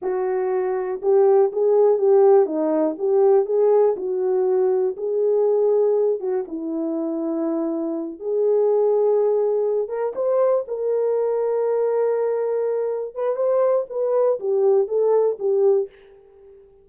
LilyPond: \new Staff \with { instrumentName = "horn" } { \time 4/4 \tempo 4 = 121 fis'2 g'4 gis'4 | g'4 dis'4 g'4 gis'4 | fis'2 gis'2~ | gis'8 fis'8 e'2.~ |
e'8 gis'2.~ gis'8 | ais'8 c''4 ais'2~ ais'8~ | ais'2~ ais'8 b'8 c''4 | b'4 g'4 a'4 g'4 | }